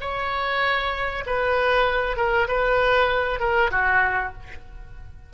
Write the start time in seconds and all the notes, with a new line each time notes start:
0.00 C#5
1.26 B4
2.16 A#4
2.47 B4
3.39 A#4
3.71 F#4